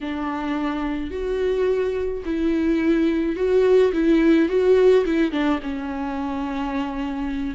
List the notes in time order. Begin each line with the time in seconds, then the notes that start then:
0.00 D4
1.11 F#4
2.25 E4
3.36 F#4
3.93 E4
4.49 F#4
5.05 E4
5.31 D4
5.62 C#4